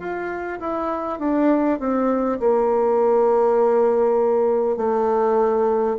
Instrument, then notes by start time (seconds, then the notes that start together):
bassoon
0.00 F4
0.60 E4
1.19 D4
1.79 C4
2.40 A#3
4.77 A3